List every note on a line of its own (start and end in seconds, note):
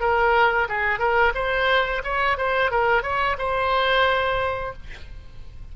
0.00 0.67 A#4
0.69 0.99 G#4
0.99 1.32 A#4
1.35 2.02 C5
2.04 2.37 C#5
2.37 2.71 C5
2.71 3.02 A#4
3.02 3.36 C#5
3.38 4.73 C5